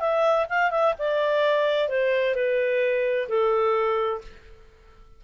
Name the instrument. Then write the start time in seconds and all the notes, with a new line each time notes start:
clarinet
0.00 E5
0.50 F5
0.71 E5
0.99 D5
1.89 C5
2.35 B4
3.29 A4